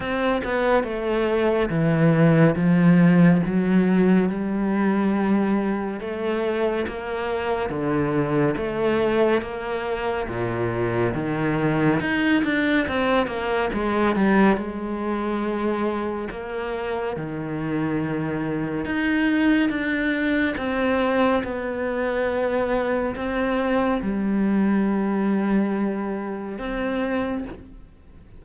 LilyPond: \new Staff \with { instrumentName = "cello" } { \time 4/4 \tempo 4 = 70 c'8 b8 a4 e4 f4 | fis4 g2 a4 | ais4 d4 a4 ais4 | ais,4 dis4 dis'8 d'8 c'8 ais8 |
gis8 g8 gis2 ais4 | dis2 dis'4 d'4 | c'4 b2 c'4 | g2. c'4 | }